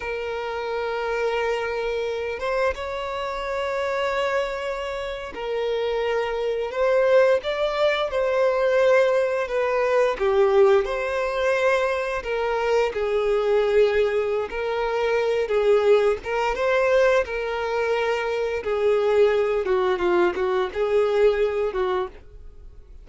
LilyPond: \new Staff \with { instrumentName = "violin" } { \time 4/4 \tempo 4 = 87 ais'2.~ ais'8 c''8 | cis''2.~ cis''8. ais'16~ | ais'4.~ ais'16 c''4 d''4 c''16~ | c''4.~ c''16 b'4 g'4 c''16~ |
c''4.~ c''16 ais'4 gis'4~ gis'16~ | gis'4 ais'4. gis'4 ais'8 | c''4 ais'2 gis'4~ | gis'8 fis'8 f'8 fis'8 gis'4. fis'8 | }